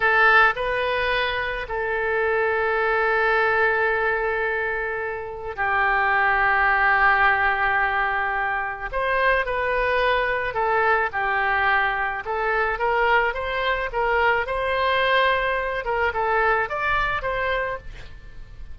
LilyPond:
\new Staff \with { instrumentName = "oboe" } { \time 4/4 \tempo 4 = 108 a'4 b'2 a'4~ | a'1~ | a'2 g'2~ | g'1 |
c''4 b'2 a'4 | g'2 a'4 ais'4 | c''4 ais'4 c''2~ | c''8 ais'8 a'4 d''4 c''4 | }